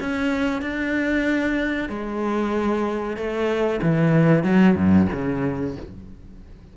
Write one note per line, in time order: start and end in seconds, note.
0.00 0.61 C#4
0.61 1.89 D4
1.89 3.17 G#3
3.17 3.80 A3
3.82 4.43 E3
4.43 4.75 F#3
4.76 5.07 F#2
5.12 5.76 C#3